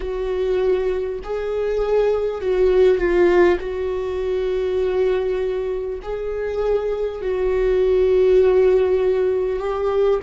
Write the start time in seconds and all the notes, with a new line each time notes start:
0.00 F#4
1.23 G#4
2.41 F#4
2.97 F4
3.59 F#4
6.02 G#4
7.21 F#4
9.59 G4